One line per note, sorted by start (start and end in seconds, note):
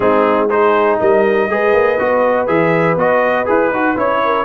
0.00 0.99 G#3
0.00 0.49 C4
0.00 0.50 D#4
0.00 0.48 G#4
0.50 1.49 D#4
0.50 1.00 G#4
0.50 0.99 C5
1.00 1.49 G3
1.00 1.49 A#4
1.00 2.47 D#5
1.49 1.73 G#3
1.49 1.98 G#4
1.49 4.24 B4
1.73 1.97 A#3
1.98 2.48 B3
1.98 2.47 F#4
2.47 2.96 E3
2.47 2.96 G#4
2.47 2.96 E5
2.96 3.46 B3
2.96 3.45 F#4
2.96 3.48 D#5
3.45 3.70 E4
3.45 3.70 G#4
3.45 3.98 B4
3.70 3.95 D#4
3.70 3.96 F#4
3.96 4.44 C#4
3.96 4.44 E4
3.96 4.44 C#5
4.24 4.44 A#4